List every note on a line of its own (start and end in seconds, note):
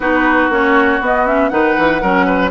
0.00 0.49 B3
0.00 0.51 D#4
0.00 1.50 F#4
0.00 0.51 B4
0.49 0.99 A#3
0.49 1.01 C#4
0.49 1.03 C#5
1.01 1.51 B3
1.01 1.26 B3
1.01 1.26 D#5
1.26 1.50 C#4
1.26 1.48 E5
1.48 1.76 D#3
1.48 2.01 D#4
1.48 2.01 B4
1.48 2.49 F#5
1.77 2.02 E3
2.01 2.50 F#3
2.01 2.50 C#4
2.01 2.25 A#4
2.25 2.50 B4